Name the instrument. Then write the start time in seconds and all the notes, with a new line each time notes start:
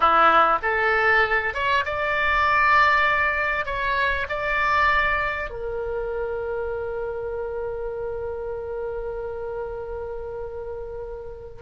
oboe
0.00 E4
0.62 A4
1.54 C#5
1.85 D5
3.65 C#5
4.29 D5
5.50 A#4